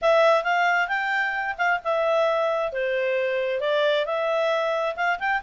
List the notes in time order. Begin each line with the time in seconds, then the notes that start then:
0.01 E5
0.43 F5
0.88 G5
1.57 F5
1.84 E5
2.72 C5
3.60 D5
4.05 E5
4.96 F5
5.19 G5